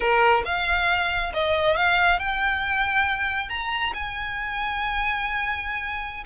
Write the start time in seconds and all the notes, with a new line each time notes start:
0.00 A#4
0.45 F5
1.33 D#5
1.76 F5
2.19 G5
3.49 A#5
3.94 G#5